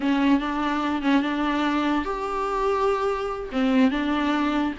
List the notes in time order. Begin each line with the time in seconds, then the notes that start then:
0.00 C#4
0.39 D4
1.01 C#4
1.22 D4
2.04 G4
3.52 C4
3.90 D4